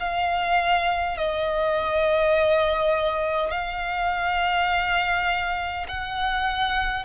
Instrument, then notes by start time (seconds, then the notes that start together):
violin
0.00 F5
1.18 D#5
3.51 F5
5.88 F#5